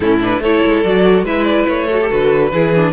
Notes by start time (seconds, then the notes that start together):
0.00 A2 C#4 E4 A4
0.20 D4 B4
0.39 A3 E4 A4 C#5
0.65 G#3
0.83 F#3 F#4 D5
1.23 G#3 E4 B4 E5
1.44 D5
1.67 A3 C#5
1.86 F#4 A4
2.02 G4
2.09 D3 F#4 B4
2.52 E3 E4 G#4
2.75 D4